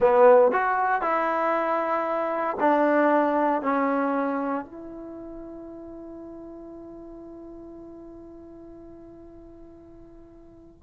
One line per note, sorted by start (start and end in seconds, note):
0.00 0.51 B3
0.51 1.01 F#4
1.01 2.56 E4
2.60 3.62 D4
3.62 4.65 C#4
4.65 10.83 E4